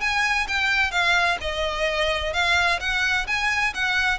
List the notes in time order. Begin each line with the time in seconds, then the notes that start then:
0.00 G#5
0.48 G5
0.91 F5
1.41 D#5
2.33 F5
2.80 F#5
3.27 G#5
3.74 F#5